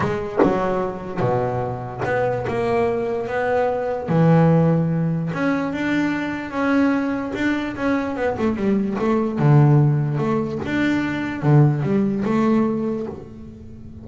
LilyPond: \new Staff \with { instrumentName = "double bass" } { \time 4/4 \tempo 4 = 147 gis4 fis2 b,4~ | b,4 b4 ais2 | b2 e2~ | e4 cis'4 d'2 |
cis'2 d'4 cis'4 | b8 a8 g4 a4 d4~ | d4 a4 d'2 | d4 g4 a2 | }